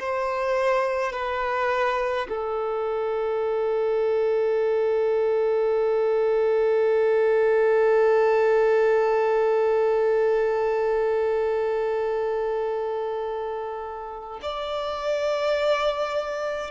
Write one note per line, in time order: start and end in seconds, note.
0.00 1.13 C5
1.13 2.28 B4
2.29 14.41 A4
14.42 16.72 D5